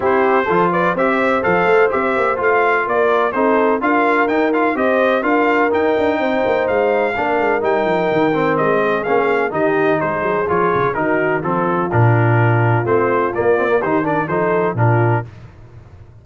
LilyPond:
<<
  \new Staff \with { instrumentName = "trumpet" } { \time 4/4 \tempo 4 = 126 c''4. d''8 e''4 f''4 | e''4 f''4 d''4 c''4 | f''4 g''8 f''8 dis''4 f''4 | g''2 f''2 |
g''2 dis''4 f''4 | dis''4 c''4 cis''4 ais'4 | a'4 ais'2 c''4 | d''4 c''8 d''8 c''4 ais'4 | }
  \new Staff \with { instrumentName = "horn" } { \time 4/4 g'4 a'8 b'8 c''2~ | c''2 ais'4 a'4 | ais'2 c''4 ais'4~ | ais'4 c''2 ais'4~ |
ais'2~ ais'8 gis'4. | g'4 gis'2 fis'4 | f'1~ | f'4 g'8 ais'8 a'4 f'4 | }
  \new Staff \with { instrumentName = "trombone" } { \time 4/4 e'4 f'4 g'4 a'4 | g'4 f'2 dis'4 | f'4 dis'8 f'8 g'4 f'4 | dis'2. d'4 |
dis'4. c'4. cis'4 | dis'2 f'4 dis'4 | c'4 d'2 c'4 | ais8 c'16 ais16 dis'8 d'8 dis'4 d'4 | }
  \new Staff \with { instrumentName = "tuba" } { \time 4/4 c'4 f4 c'4 f8 a8 | c'8 ais8 a4 ais4 c'4 | d'4 dis'4 c'4 d'4 | dis'8 d'8 c'8 ais8 gis4 ais8 gis8 |
g8 f8 dis4 gis4 ais4 | dis4 gis8 fis8 f8 cis8 dis4 | f4 ais,2 a4 | ais4 dis4 f4 ais,4 | }
>>